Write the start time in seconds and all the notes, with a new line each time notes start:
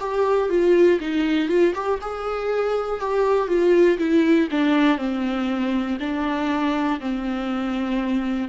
0.00 G4
0.50 F4
1.00 D#4
1.49 F4
1.75 G4
2.02 G#4
3.00 G4
3.48 F4
3.99 E4
4.51 D4
4.98 C4
6.00 D4
7.00 C4